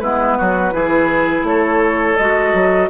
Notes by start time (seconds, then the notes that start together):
0.00 G#3 B3 E4 B4
0.38 F#3 F#4
0.72 E3 E4 G#4
1.43 A3 A4 C#5
2.17 G#3 F#4 D#5
2.54 F#3